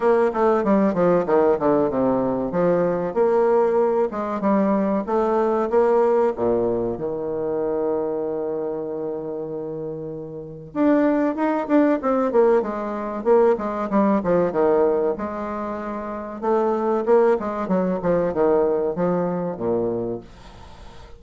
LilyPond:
\new Staff \with { instrumentName = "bassoon" } { \time 4/4 \tempo 4 = 95 ais8 a8 g8 f8 dis8 d8 c4 | f4 ais4. gis8 g4 | a4 ais4 ais,4 dis4~ | dis1~ |
dis4 d'4 dis'8 d'8 c'8 ais8 | gis4 ais8 gis8 g8 f8 dis4 | gis2 a4 ais8 gis8 | fis8 f8 dis4 f4 ais,4 | }